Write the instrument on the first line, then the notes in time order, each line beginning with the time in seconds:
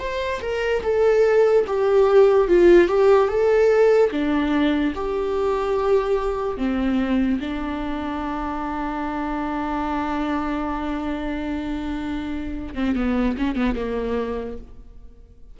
viola
0.00 C5
0.42 A#4
0.83 A4
1.67 G4
2.48 F4
2.88 G4
3.28 A4
4.12 D4
4.96 G4
6.58 C4
7.41 D4
12.75 C4
12.96 B3
13.39 C#4
13.56 B3
13.76 A#3